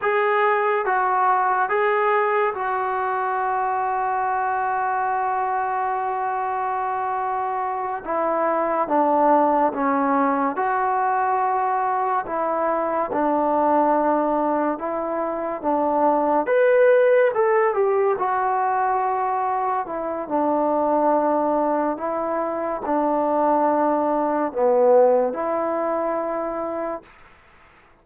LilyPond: \new Staff \with { instrumentName = "trombone" } { \time 4/4 \tempo 4 = 71 gis'4 fis'4 gis'4 fis'4~ | fis'1~ | fis'4. e'4 d'4 cis'8~ | cis'8 fis'2 e'4 d'8~ |
d'4. e'4 d'4 b'8~ | b'8 a'8 g'8 fis'2 e'8 | d'2 e'4 d'4~ | d'4 b4 e'2 | }